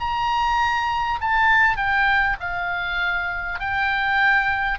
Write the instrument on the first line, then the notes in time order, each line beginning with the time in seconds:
oboe
0.00 A#5
1.21 A5
1.77 G5
2.40 F5
3.59 G5